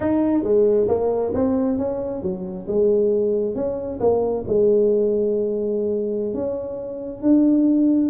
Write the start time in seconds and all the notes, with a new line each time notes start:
0.00 D#4
0.43 G#3
0.88 A#3
1.33 C4
1.78 C#4
2.22 F#3
2.67 G#3
3.55 C#4
4.00 A#3
4.47 G#3
6.33 C#4
7.22 D4